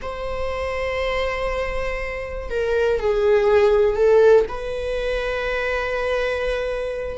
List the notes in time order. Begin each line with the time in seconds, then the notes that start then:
0.02 C5
2.50 A#4
2.99 G#4
3.95 A4
4.48 B4